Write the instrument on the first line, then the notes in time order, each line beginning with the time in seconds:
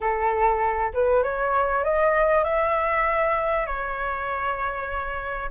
flute
0.01 A4
0.93 B4
1.23 C#5
1.84 D#5
2.44 E5
3.66 C#5